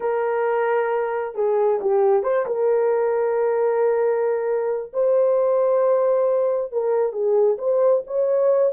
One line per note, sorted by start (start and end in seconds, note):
0.00 1.34 A#4
1.34 1.79 G#4
1.81 2.23 G4
2.23 2.45 C5
2.45 4.92 A#4
4.93 6.72 C5
6.72 7.12 A#4
7.12 7.57 G#4
7.58 8.02 C5
8.06 8.73 C#5